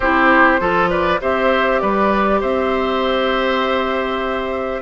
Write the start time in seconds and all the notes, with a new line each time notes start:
0.00 C4 E4 G4 C5
0.59 F3 F4 A4
0.89 B4 D5
1.20 C4 G4 C5 E5
1.79 G3 B4 D5
2.40 C4 C5 E5